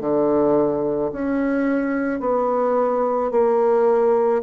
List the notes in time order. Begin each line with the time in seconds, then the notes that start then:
0.00 D3
1.12 C#4
2.20 B3
3.31 A#3